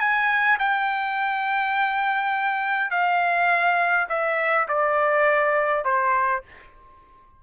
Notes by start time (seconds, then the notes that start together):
0.00 G#5
0.59 G5
2.91 F5
4.09 E5
4.69 D5
5.85 C5